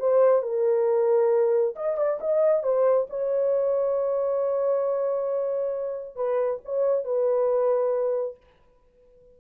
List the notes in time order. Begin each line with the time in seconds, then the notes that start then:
0.00 C5
0.43 A#4
1.76 D#5
1.98 D5
2.21 D#5
2.64 C5
3.10 C#5
6.16 B4
6.65 C#5
7.05 B4